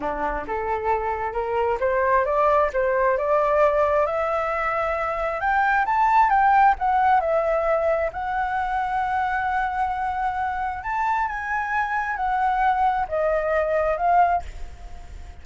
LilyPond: \new Staff \with { instrumentName = "flute" } { \time 4/4 \tempo 4 = 133 d'4 a'2 ais'4 | c''4 d''4 c''4 d''4~ | d''4 e''2. | g''4 a''4 g''4 fis''4 |
e''2 fis''2~ | fis''1 | a''4 gis''2 fis''4~ | fis''4 dis''2 f''4 | }